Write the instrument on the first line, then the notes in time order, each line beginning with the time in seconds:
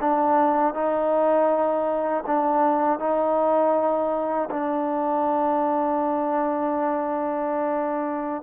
trombone
0.00 D4
0.74 D#4
2.26 D4
2.99 D#4
4.50 D4